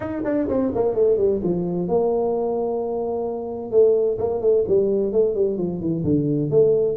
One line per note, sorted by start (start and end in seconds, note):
0.00 0.22 D#4
0.25 0.48 D4
0.48 0.71 C4
0.74 0.95 A#3
0.95 1.17 A3
1.17 1.40 G3
1.43 1.87 F3
1.87 3.71 A#3
3.71 4.17 A3
4.18 4.41 A#3
4.41 4.64 A3
4.67 5.12 G3
5.12 5.35 A3
5.35 5.57 G3
5.57 5.80 F3
5.80 6.03 E3
6.04 6.50 D3
6.50 6.97 A3